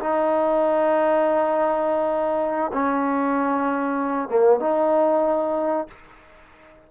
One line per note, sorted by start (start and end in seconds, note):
0.00 2.71 D#4
2.73 4.29 C#4
4.29 4.60 A#3
4.60 5.88 D#4